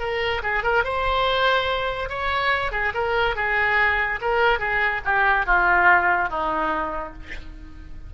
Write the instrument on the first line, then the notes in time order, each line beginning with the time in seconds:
oboe
0.00 A#4
0.43 G#4
0.63 A#4
0.84 C5
2.09 C#5
2.72 G#4
2.94 A#4
3.36 G#4
4.21 A#4
4.59 G#4
5.05 G4
5.46 F4
6.30 D#4